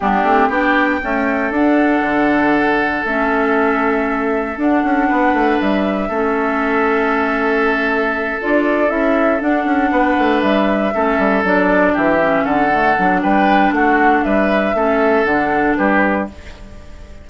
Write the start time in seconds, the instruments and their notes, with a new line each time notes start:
0.00 bassoon G3, clarinet B3, oboe D4, flute G4
0.22 bassoon A3, clarinet C4
0.49 bassoon B3, clarinet D4, oboe G4, flute G5
1.02 clarinet A3, bassoon C#4, oboe A4
1.51 bassoon D4, clarinet D4, flute F#5
2.00 bassoon D3
3.05 bassoon A3, clarinet C#4, flute E5
4.57 bassoon D4, clarinet D4, flute F#5
4.83 bassoon C#4
5.08 bassoon B3, oboe B4
5.33 bassoon A3
5.60 bassoon G3, flute E5
6.08 bassoon A3, clarinet C#4, oboe A4
8.40 bassoon D4, clarinet F4, flute D5
8.88 bassoon C#4, clarinet E4, flute E5
9.40 clarinet D4, bassoon D4, flute F#5
9.65 bassoon C#4
9.90 bassoon B3, oboe B4
10.18 bassoon A3
10.41 bassoon G3, flute E5
10.94 bassoon A3, clarinet C#4, oboe A4
11.18 bassoon G3
11.44 bassoon F#3, clarinet D4, flute D5
11.93 bassoon E3, oboe G4, flute E5
12.20 clarinet C#4
12.44 bassoon D3, oboe A4, flute F#5
12.71 clarinet A3
12.98 bassoon F#3, clarinet D4
13.21 bassoon G3, oboe B4, flute G5
13.71 bassoon A3, oboe F#4, flute F#5
14.23 bassoon G3, oboe B4, flute E5
14.73 bassoon A3, clarinet C#4, oboe A4
15.24 bassoon D3, clarinet D4, flute F#5
15.76 bassoon G3, oboe G4, flute B4